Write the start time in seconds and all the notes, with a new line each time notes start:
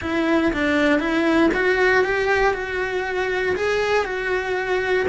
0.01 E4
0.52 D4
0.99 E4
1.53 F#4
2.04 G4
2.53 F#4
3.56 G#4
4.04 F#4